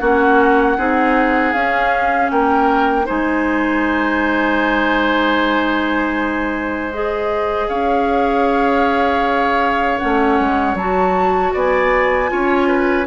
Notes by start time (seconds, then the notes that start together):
0.00 A#3 C#4 F#4 F#5
0.78 C4 D#4 G#4
1.53 C#4 F5
2.31 A#3 A#4 G5
3.06 G#3 D#4 C5 G#5
6.93 G#4 D#5
7.69 C#4 C#5 F5
9.99 A3 C#4 F#5
10.40 G#3
10.75 F#3 F#4 A5
11.53 B3 D5 G#5
12.28 C#4 F4 C#5
12.68 B4